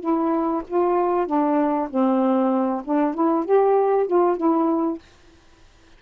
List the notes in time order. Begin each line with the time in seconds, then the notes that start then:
0.00 E4
0.67 F4
1.27 D4
1.90 C4
2.84 D4
3.14 E4
3.45 G4
4.07 F4
4.37 E4